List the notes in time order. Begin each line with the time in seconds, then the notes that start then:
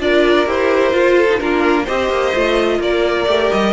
0.00 D4 F4 A#4 D5
0.46 E4 G4 C5
0.93 F4
1.17 A4
1.29 D#4
1.40 A#3 D4 F4 A#4
1.84 C4 G4 C5 D#5
2.10 A#3
2.33 A3 F4
2.80 A#3 A#4 D5
3.27 A3 G4
3.53 G3 D#5